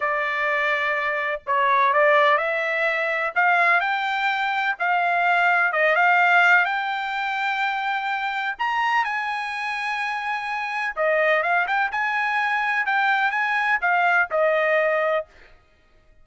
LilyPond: \new Staff \with { instrumentName = "trumpet" } { \time 4/4 \tempo 4 = 126 d''2. cis''4 | d''4 e''2 f''4 | g''2 f''2 | dis''8 f''4. g''2~ |
g''2 ais''4 gis''4~ | gis''2. dis''4 | f''8 g''8 gis''2 g''4 | gis''4 f''4 dis''2 | }